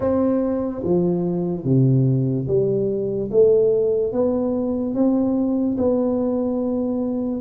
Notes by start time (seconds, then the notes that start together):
0.00 C4
0.83 F3
1.64 C3
2.47 G3
3.31 A3
4.12 B3
4.94 C4
5.77 B3